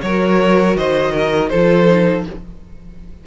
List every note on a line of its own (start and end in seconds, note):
0.00 0.76 F#3
0.00 1.50 F#4
0.00 0.77 A#4
0.00 0.76 C#5
0.76 1.51 D#3
0.76 1.12 C5
0.76 1.49 D#5
1.12 1.49 A#4
1.49 2.26 F3
1.49 1.88 F4
1.49 2.26 A4
1.49 2.24 C5
1.88 2.25 D#4